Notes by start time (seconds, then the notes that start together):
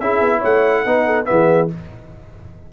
0.00 C#4 E4 G#4 E5
0.21 B3
0.38 A3 C#5 F#5
0.85 B3 D#4 B4
1.06 A4
1.25 E3 B3 G#4 E5